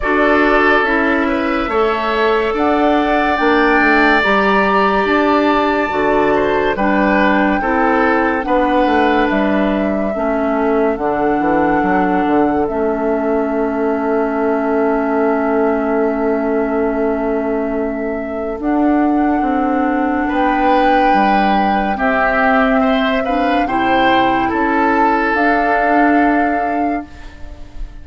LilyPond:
<<
  \new Staff \with { instrumentName = "flute" } { \time 4/4 \tempo 4 = 71 d''4 e''2 fis''4 | g''4 ais''4 a''2 | g''2 fis''4 e''4~ | e''4 fis''2 e''4~ |
e''1~ | e''2 fis''2 | g''2 e''4. f''8 | g''4 a''4 f''2 | }
  \new Staff \with { instrumentName = "oboe" } { \time 4/4 a'4. b'8 cis''4 d''4~ | d''2.~ d''8 c''8 | b'4 a'4 b'2 | a'1~ |
a'1~ | a'1 | b'2 g'4 c''8 b'8 | c''4 a'2. | }
  \new Staff \with { instrumentName = "clarinet" } { \time 4/4 fis'4 e'4 a'2 | d'4 g'2 fis'4 | d'4 e'4 d'2 | cis'4 d'2 cis'4~ |
cis'1~ | cis'2 d'2~ | d'2 c'4. d'8 | e'2 d'2 | }
  \new Staff \with { instrumentName = "bassoon" } { \time 4/4 d'4 cis'4 a4 d'4 | ais8 a8 g4 d'4 d4 | g4 c'4 b8 a8 g4 | a4 d8 e8 fis8 d8 a4~ |
a1~ | a2 d'4 c'4 | b4 g4 c'2 | c4 cis'4 d'2 | }
>>